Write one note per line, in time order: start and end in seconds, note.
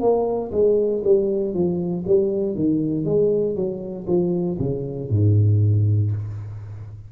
0.00 0.51 A#3
0.52 1.03 G#3
1.04 1.54 G3
1.54 2.05 F3
2.07 2.55 G3
2.55 3.05 D#3
3.05 3.55 G#3
3.55 4.06 F#3
4.07 4.58 F3
4.59 5.10 C#3
5.10 6.12 G#2